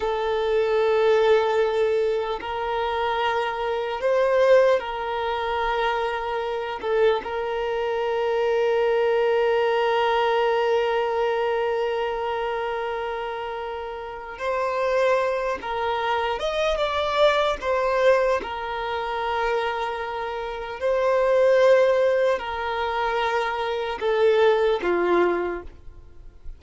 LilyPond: \new Staff \with { instrumentName = "violin" } { \time 4/4 \tempo 4 = 75 a'2. ais'4~ | ais'4 c''4 ais'2~ | ais'8 a'8 ais'2.~ | ais'1~ |
ais'2 c''4. ais'8~ | ais'8 dis''8 d''4 c''4 ais'4~ | ais'2 c''2 | ais'2 a'4 f'4 | }